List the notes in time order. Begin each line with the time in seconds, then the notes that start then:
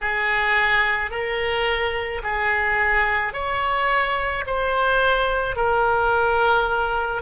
0.01 G#4
1.11 A#4
2.23 G#4
3.33 C#5
4.46 C5
5.56 A#4